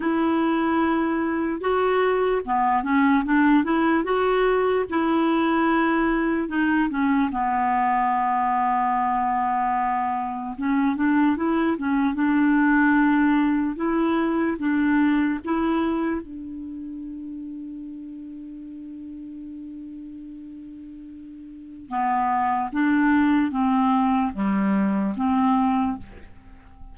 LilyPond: \new Staff \with { instrumentName = "clarinet" } { \time 4/4 \tempo 4 = 74 e'2 fis'4 b8 cis'8 | d'8 e'8 fis'4 e'2 | dis'8 cis'8 b2.~ | b4 cis'8 d'8 e'8 cis'8 d'4~ |
d'4 e'4 d'4 e'4 | d'1~ | d'2. b4 | d'4 c'4 g4 c'4 | }